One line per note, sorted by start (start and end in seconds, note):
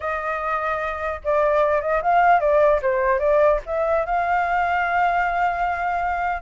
0.00 1.20 D#5
1.24 1.81 D5
1.81 2.01 D#5
2.02 2.40 F5
2.40 2.80 D5
2.82 3.19 C5
3.19 3.59 D5
3.66 4.05 E5
4.05 6.41 F5